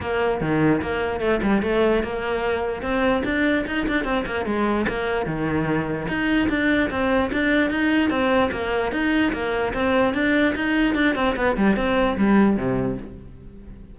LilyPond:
\new Staff \with { instrumentName = "cello" } { \time 4/4 \tempo 4 = 148 ais4 dis4 ais4 a8 g8 | a4 ais2 c'4 | d'4 dis'8 d'8 c'8 ais8 gis4 | ais4 dis2 dis'4 |
d'4 c'4 d'4 dis'4 | c'4 ais4 dis'4 ais4 | c'4 d'4 dis'4 d'8 c'8 | b8 g8 c'4 g4 c4 | }